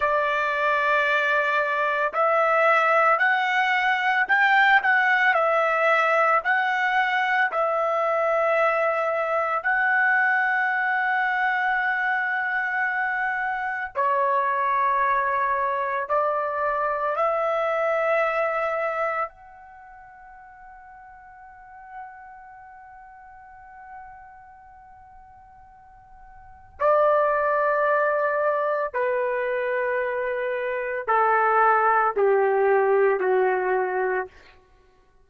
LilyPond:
\new Staff \with { instrumentName = "trumpet" } { \time 4/4 \tempo 4 = 56 d''2 e''4 fis''4 | g''8 fis''8 e''4 fis''4 e''4~ | e''4 fis''2.~ | fis''4 cis''2 d''4 |
e''2 fis''2~ | fis''1~ | fis''4 d''2 b'4~ | b'4 a'4 g'4 fis'4 | }